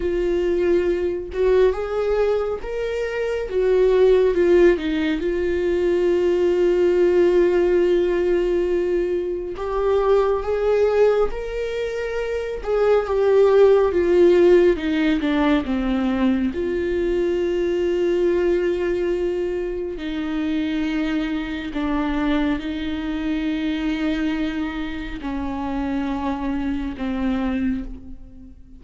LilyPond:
\new Staff \with { instrumentName = "viola" } { \time 4/4 \tempo 4 = 69 f'4. fis'8 gis'4 ais'4 | fis'4 f'8 dis'8 f'2~ | f'2. g'4 | gis'4 ais'4. gis'8 g'4 |
f'4 dis'8 d'8 c'4 f'4~ | f'2. dis'4~ | dis'4 d'4 dis'2~ | dis'4 cis'2 c'4 | }